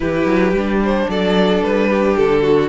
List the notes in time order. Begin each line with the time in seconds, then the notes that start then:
0.00 E3 E4 G4 B4
0.25 F#3
0.51 G3 D4
0.83 C5
1.08 F#3 A4 D5
1.62 G3 B4
1.89 G4
2.16 D3 A4
2.42 F#4